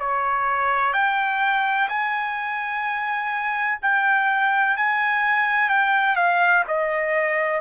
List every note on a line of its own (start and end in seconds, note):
0.00 0.94 C#5
0.94 1.89 G5
1.89 3.80 G#5
3.82 4.77 G5
4.77 5.70 G#5
5.70 6.16 G5
6.16 6.64 F5
6.68 7.61 D#5